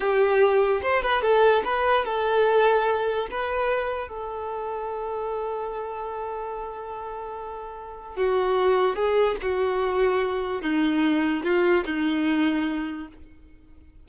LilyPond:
\new Staff \with { instrumentName = "violin" } { \time 4/4 \tempo 4 = 147 g'2 c''8 b'8 a'4 | b'4 a'2. | b'2 a'2~ | a'1~ |
a'1 | fis'2 gis'4 fis'4~ | fis'2 dis'2 | f'4 dis'2. | }